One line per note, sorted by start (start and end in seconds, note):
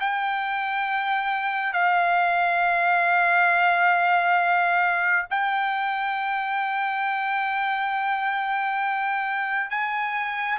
0.00 1.73 G5
1.73 5.26 F5
5.30 9.70 G5
9.70 10.58 G#5